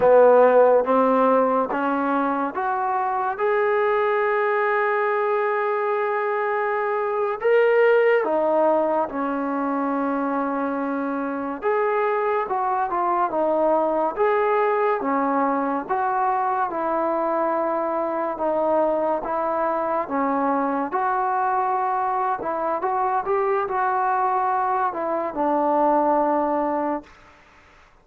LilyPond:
\new Staff \with { instrumentName = "trombone" } { \time 4/4 \tempo 4 = 71 b4 c'4 cis'4 fis'4 | gis'1~ | gis'8. ais'4 dis'4 cis'4~ cis'16~ | cis'4.~ cis'16 gis'4 fis'8 f'8 dis'16~ |
dis'8. gis'4 cis'4 fis'4 e'16~ | e'4.~ e'16 dis'4 e'4 cis'16~ | cis'8. fis'4.~ fis'16 e'8 fis'8 g'8 | fis'4. e'8 d'2 | }